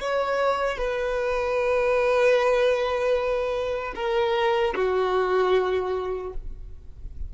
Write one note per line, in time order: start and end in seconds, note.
0.00 0.78 C#5
0.78 3.94 B4
3.95 4.74 A#4
4.75 6.33 F#4